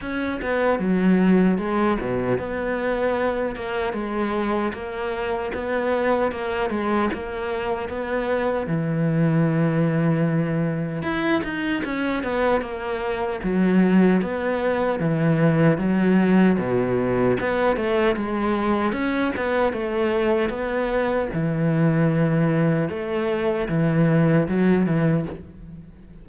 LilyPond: \new Staff \with { instrumentName = "cello" } { \time 4/4 \tempo 4 = 76 cis'8 b8 fis4 gis8 b,8 b4~ | b8 ais8 gis4 ais4 b4 | ais8 gis8 ais4 b4 e4~ | e2 e'8 dis'8 cis'8 b8 |
ais4 fis4 b4 e4 | fis4 b,4 b8 a8 gis4 | cis'8 b8 a4 b4 e4~ | e4 a4 e4 fis8 e8 | }